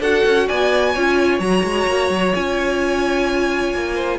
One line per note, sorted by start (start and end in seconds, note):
0.00 0.23 D4
0.00 0.96 F#4
0.00 0.47 A4
0.00 0.48 F#5
0.25 0.49 C#4
0.47 0.96 B3
0.47 0.93 D5
0.47 1.40 G#5
0.93 1.40 C#4
0.93 1.40 F4
0.93 3.94 C#5
1.40 1.63 F#3
1.40 2.33 F#4
1.40 2.33 A#5
1.63 1.87 G#3
1.87 2.10 A#3
2.10 2.33 F#3
2.35 3.74 C#4
2.35 4.19 F4
2.35 4.19 G#5
3.74 4.19 A#3
3.94 4.18 C5